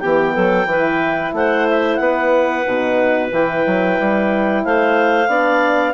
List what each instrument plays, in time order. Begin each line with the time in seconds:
0.00 bassoon E3, horn B3, clarinet G4 G5
0.34 bassoon F#3, clarinet A4
0.66 bassoon E3, horn E4, clarinet B4
1.33 bassoon A3, clarinet C5 F#5
1.69 clarinet E5
1.96 bassoon B3, clarinet B4 F#5
2.65 bassoon B2, horn D#4
3.32 bassoon E3, horn E4, clarinet G5
3.66 bassoon F#3
3.99 bassoon G3
4.65 bassoon A3, clarinet C5 F5
5.28 bassoon B3, horn D4, clarinet D5